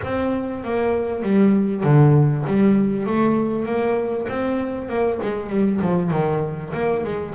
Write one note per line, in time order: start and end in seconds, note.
0.03 0.63 C4
0.63 1.22 A#3
1.22 1.83 G3
1.83 2.45 D3
2.46 3.06 G3
3.06 3.65 A3
3.65 4.27 A#3
4.28 4.88 C4
4.88 5.19 A#3
5.22 5.49 G#3
5.49 5.80 G3
5.81 6.11 F3
6.11 6.72 D#3
6.73 7.04 A#3
7.04 7.34 G#3